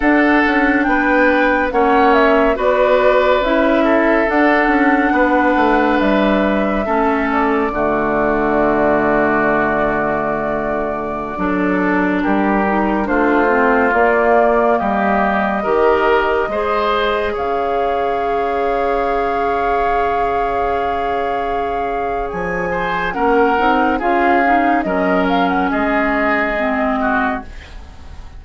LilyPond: <<
  \new Staff \with { instrumentName = "flute" } { \time 4/4 \tempo 4 = 70 fis''4 g''4 fis''8 e''8 d''4 | e''4 fis''2 e''4~ | e''8 d''2.~ d''8~ | d''2~ d''16 ais'4 c''8.~ |
c''16 d''4 dis''2~ dis''8.~ | dis''16 f''2.~ f''8.~ | f''2 gis''4 fis''4 | f''4 dis''8 f''16 fis''16 dis''2 | }
  \new Staff \with { instrumentName = "oboe" } { \time 4/4 a'4 b'4 cis''4 b'4~ | b'8 a'4. b'2 | a'4 fis'2.~ | fis'4~ fis'16 a'4 g'4 f'8.~ |
f'4~ f'16 g'4 ais'4 c''8.~ | c''16 cis''2.~ cis''8.~ | cis''2~ cis''8 c''8 ais'4 | gis'4 ais'4 gis'4. fis'8 | }
  \new Staff \with { instrumentName = "clarinet" } { \time 4/4 d'2 cis'4 fis'4 | e'4 d'2. | cis'4 a2.~ | a4~ a16 d'4. dis'8 d'8 c'16~ |
c'16 ais2 g'4 gis'8.~ | gis'1~ | gis'2. cis'8 dis'8 | f'8 dis'8 cis'2 c'4 | }
  \new Staff \with { instrumentName = "bassoon" } { \time 4/4 d'8 cis'8 b4 ais4 b4 | cis'4 d'8 cis'8 b8 a8 g4 | a4 d2.~ | d4~ d16 fis4 g4 a8.~ |
a16 ais4 g4 dis4 gis8.~ | gis16 cis2.~ cis8.~ | cis2 f4 ais8 c'8 | cis'4 fis4 gis2 | }
>>